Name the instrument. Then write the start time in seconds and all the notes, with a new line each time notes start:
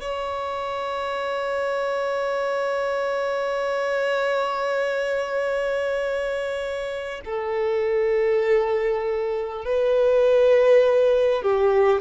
violin
0.00 C#5
7.24 A4
9.65 B4
11.42 G4